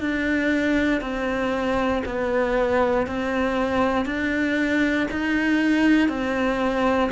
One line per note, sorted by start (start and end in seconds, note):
0.00 1.01 D4
1.01 2.02 C4
2.05 3.06 B3
3.06 4.05 C4
4.05 5.07 D4
5.11 6.08 D#4
6.08 7.10 C4